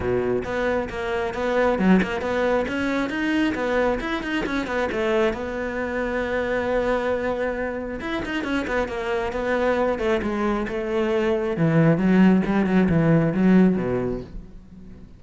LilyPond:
\new Staff \with { instrumentName = "cello" } { \time 4/4 \tempo 4 = 135 b,4 b4 ais4 b4 | fis8 ais8 b4 cis'4 dis'4 | b4 e'8 dis'8 cis'8 b8 a4 | b1~ |
b2 e'8 dis'8 cis'8 b8 | ais4 b4. a8 gis4 | a2 e4 fis4 | g8 fis8 e4 fis4 b,4 | }